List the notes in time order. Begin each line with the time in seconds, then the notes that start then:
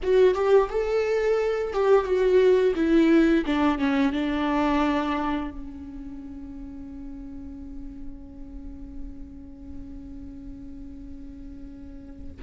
0.03 F#4
0.34 G4
0.69 A4
1.73 G4
2.05 F#4
2.75 E4
3.45 D4
3.78 C#4
4.12 D4
5.50 C#4